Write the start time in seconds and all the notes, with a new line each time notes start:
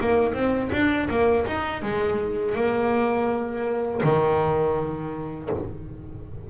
0.00 A#3
0.34 C4
0.72 D4
1.10 A#3
1.46 D#4
1.82 G#3
2.55 A#3
4.03 D#3